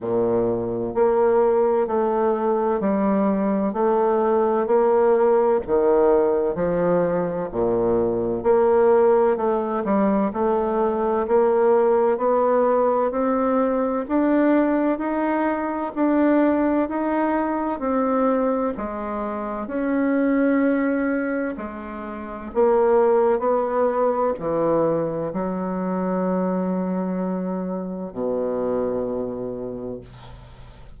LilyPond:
\new Staff \with { instrumentName = "bassoon" } { \time 4/4 \tempo 4 = 64 ais,4 ais4 a4 g4 | a4 ais4 dis4 f4 | ais,4 ais4 a8 g8 a4 | ais4 b4 c'4 d'4 |
dis'4 d'4 dis'4 c'4 | gis4 cis'2 gis4 | ais4 b4 e4 fis4~ | fis2 b,2 | }